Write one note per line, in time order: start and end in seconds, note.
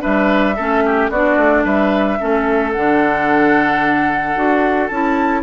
0.00 0.58 G3
0.00 0.54 D4
0.00 0.55 B4
0.00 1.10 E5
0.56 1.09 A3
0.56 1.12 C#4
0.56 0.83 A4
0.85 1.10 G4
1.09 1.36 B3
1.09 2.19 D4
1.09 1.64 F#4
1.09 1.65 D5
1.36 1.63 A3
1.64 2.18 G3
1.64 2.18 B4
1.64 2.71 E5
2.19 2.76 A3
2.19 2.73 C#4
2.19 5.43 A4
2.71 4.36 D3
2.71 4.35 D4
2.71 4.87 F#5
4.35 4.90 D4
4.35 4.89 F#4
4.87 5.43 C#4
4.87 5.43 E4
4.87 5.41 A5